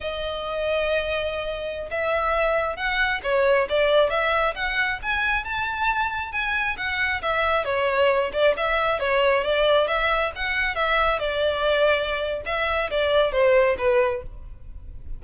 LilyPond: \new Staff \with { instrumentName = "violin" } { \time 4/4 \tempo 4 = 135 dis''1~ | dis''16 e''2 fis''4 cis''8.~ | cis''16 d''4 e''4 fis''4 gis''8.~ | gis''16 a''2 gis''4 fis''8.~ |
fis''16 e''4 cis''4. d''8 e''8.~ | e''16 cis''4 d''4 e''4 fis''8.~ | fis''16 e''4 d''2~ d''8. | e''4 d''4 c''4 b'4 | }